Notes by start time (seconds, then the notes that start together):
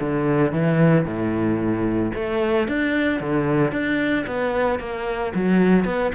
0.00 D3
0.52 E3
1.05 A2
2.14 A3
2.68 D4
3.20 D3
3.72 D4
4.27 B3
4.79 A#3
5.34 F#3
5.85 B3